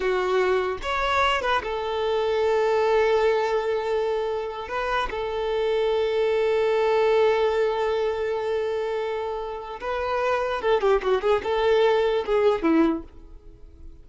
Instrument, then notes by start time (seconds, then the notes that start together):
violin
0.00 F#4
0.82 C#5
1.41 B4
1.62 A4
4.68 B4
5.10 A4
9.80 B4
10.61 A4
10.81 G4
11.02 F#4
11.21 G#4
11.43 A4
12.26 G#4
12.62 E4